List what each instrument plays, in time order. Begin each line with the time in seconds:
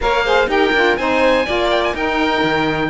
0.00 cello A#3, saxophone A#4, violin C#5, oboe F5
0.24 saxophone G#4, violin C5
0.46 cello D#4, saxophone G4, violin A#4, oboe G5
0.72 cello D4, saxophone F4
0.96 cello C4, saxophone D#4, violin C5, oboe G#5
1.45 cello A#3, saxophone F4, violin D5
1.70 oboe G5
1.83 oboe G#5
1.93 cello D#4, saxophone D#4, violin A#4, oboe G5
2.43 cello D#3